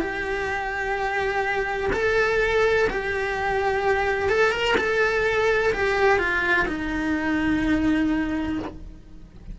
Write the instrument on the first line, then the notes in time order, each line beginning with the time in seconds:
cello
0.00 G4
1.93 A4
2.90 G4
4.29 A4
4.52 A#4
4.77 A4
5.73 G4
6.19 F4
6.68 D#4